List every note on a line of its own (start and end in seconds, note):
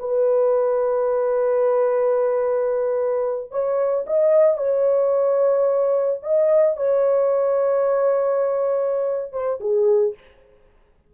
0.00 3.51 B4
3.51 4.05 C#5
4.07 4.58 D#5
4.58 6.20 C#5
6.23 6.77 D#5
6.77 9.33 C#5
9.33 9.60 C5
9.61 10.15 G#4